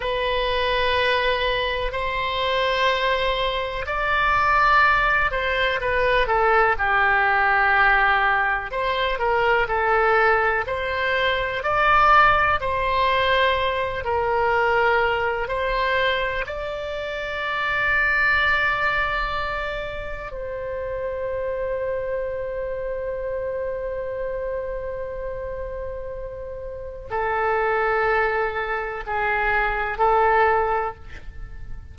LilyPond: \new Staff \with { instrumentName = "oboe" } { \time 4/4 \tempo 4 = 62 b'2 c''2 | d''4. c''8 b'8 a'8 g'4~ | g'4 c''8 ais'8 a'4 c''4 | d''4 c''4. ais'4. |
c''4 d''2.~ | d''4 c''2.~ | c''1 | a'2 gis'4 a'4 | }